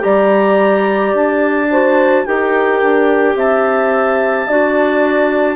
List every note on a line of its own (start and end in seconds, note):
0.00 1.14 G3
0.00 1.67 G4
0.00 1.71 D5
0.00 1.14 A#5
1.14 2.25 D4
1.14 2.26 A5
1.72 2.26 F#4
1.72 2.27 C5
2.26 2.83 D#4
2.26 4.48 G4
2.26 3.37 A#4
2.26 3.37 G5
2.83 3.36 D4
3.36 4.47 C4
3.36 4.48 E5
3.36 5.56 A5
4.48 5.56 D4
4.48 5.56 F#4
4.48 5.56 D5